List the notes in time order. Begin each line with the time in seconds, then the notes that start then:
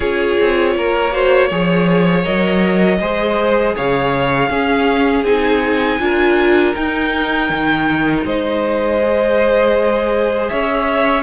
0.00 C#4 F4 G#4 C#5
0.40 C4
0.76 A#3 A#4
1.12 F#4 C5
1.47 F3 G#4 C#5
2.24 F#3 A#4 D#5
3.00 G#3 G#4 C5
3.76 C#3 C#5 F5
4.48 C#4 G#4
5.23 C4 D#4 G#5
5.99 D4 F4 A#4
6.74 D#4 G5
7.49 D#3
8.24 G#3 C5 D#5
9.00 G#4
10.49 C#4 C#5 E5